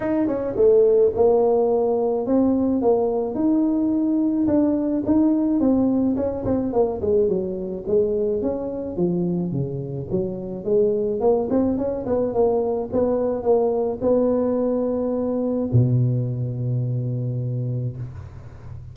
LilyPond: \new Staff \with { instrumentName = "tuba" } { \time 4/4 \tempo 4 = 107 dis'8 cis'8 a4 ais2 | c'4 ais4 dis'2 | d'4 dis'4 c'4 cis'8 c'8 | ais8 gis8 fis4 gis4 cis'4 |
f4 cis4 fis4 gis4 | ais8 c'8 cis'8 b8 ais4 b4 | ais4 b2. | b,1 | }